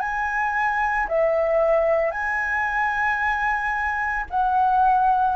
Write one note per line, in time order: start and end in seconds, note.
0.00 1.07 G#5
1.08 2.11 E5
2.11 4.25 G#5
4.30 5.36 F#5